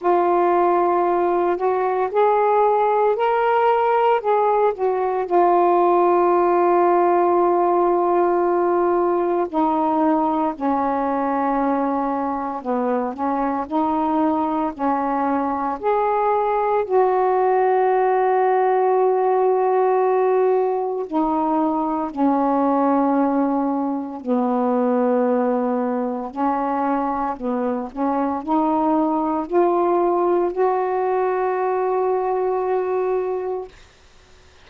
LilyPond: \new Staff \with { instrumentName = "saxophone" } { \time 4/4 \tempo 4 = 57 f'4. fis'8 gis'4 ais'4 | gis'8 fis'8 f'2.~ | f'4 dis'4 cis'2 | b8 cis'8 dis'4 cis'4 gis'4 |
fis'1 | dis'4 cis'2 b4~ | b4 cis'4 b8 cis'8 dis'4 | f'4 fis'2. | }